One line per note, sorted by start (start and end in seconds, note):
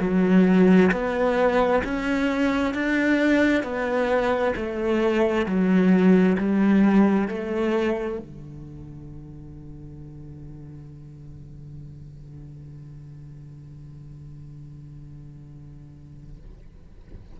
0.00 0.91 F#3
0.91 1.82 B3
1.83 2.74 C#4
2.74 3.63 D4
3.63 4.54 B3
4.56 5.46 A3
5.46 6.37 F#3
6.38 7.28 G3
7.28 8.19 A3
8.19 16.37 D3